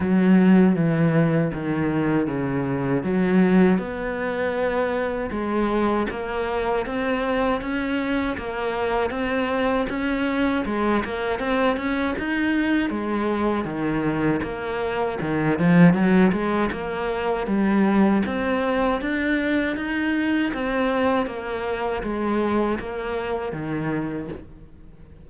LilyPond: \new Staff \with { instrumentName = "cello" } { \time 4/4 \tempo 4 = 79 fis4 e4 dis4 cis4 | fis4 b2 gis4 | ais4 c'4 cis'4 ais4 | c'4 cis'4 gis8 ais8 c'8 cis'8 |
dis'4 gis4 dis4 ais4 | dis8 f8 fis8 gis8 ais4 g4 | c'4 d'4 dis'4 c'4 | ais4 gis4 ais4 dis4 | }